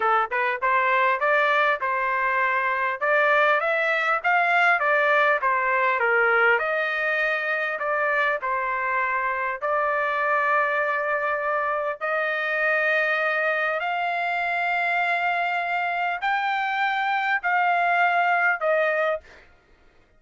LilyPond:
\new Staff \with { instrumentName = "trumpet" } { \time 4/4 \tempo 4 = 100 a'8 b'8 c''4 d''4 c''4~ | c''4 d''4 e''4 f''4 | d''4 c''4 ais'4 dis''4~ | dis''4 d''4 c''2 |
d''1 | dis''2. f''4~ | f''2. g''4~ | g''4 f''2 dis''4 | }